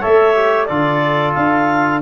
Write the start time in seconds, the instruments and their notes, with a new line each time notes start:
0.00 tuba A3, trombone A4, trumpet C#5, clarinet E5
0.35 trombone G4
0.66 tuba D3, trombone F4, trumpet A4, clarinet D5
1.34 tuba D4, clarinet F5